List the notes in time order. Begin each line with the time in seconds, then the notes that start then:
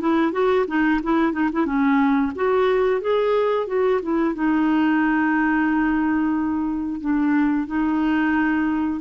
0.00 E4
0.32 F#4
0.67 D#4
1.03 E4
1.32 D#4
1.52 E4
1.66 C#4
2.35 F#4
3.01 G#4
3.67 F#4
4.02 E4
4.35 D#4
7.00 D4
7.67 D#4